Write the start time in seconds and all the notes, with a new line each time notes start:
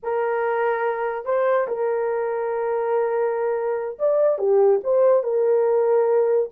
0.02 A#4
1.25 C5
1.67 A#4
3.98 D5
4.38 G4
4.83 C5
5.23 A#4